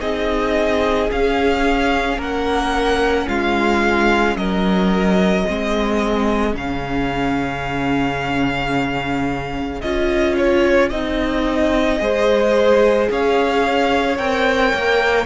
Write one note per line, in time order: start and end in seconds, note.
0.00 1.10 C4
0.00 1.09 D#4
0.00 2.17 G#4
0.00 1.09 D#5
1.11 2.17 C#4
1.11 5.46 C#4
1.11 2.21 F5
2.17 3.26 A#3
2.17 3.27 A#4
2.17 3.28 F#5
3.27 4.35 G#3
3.27 4.36 F4
3.27 4.36 F5
4.35 5.45 F#3
4.35 5.45 A#4
4.35 6.55 D#5
5.45 6.54 G#3
5.45 6.51 C4
5.45 11.99 G#4
6.51 9.82 C#3
6.51 9.78 C#4
6.51 9.81 F5
9.81 10.91 C#4
9.81 10.91 F4
9.81 10.35 D#5
10.37 10.89 C#5
10.89 12.00 C4
10.89 11.99 D#4
10.89 13.07 D#5
11.99 13.09 G#3
11.99 14.17 G#4
11.99 13.11 C5
13.10 14.18 C#4
13.10 15.26 C#5
13.10 14.17 F5
14.17 14.72 C4
14.17 15.26 A#4
14.17 15.26 G5
14.73 15.26 A#3